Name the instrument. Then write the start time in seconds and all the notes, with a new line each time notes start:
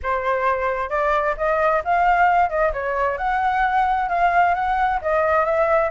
flute
0.02 C5
0.89 D5
1.37 D#5
1.84 F5
2.49 D#5
2.73 C#5
3.17 F#5
4.08 F5
4.54 F#5
5.01 D#5
5.45 E5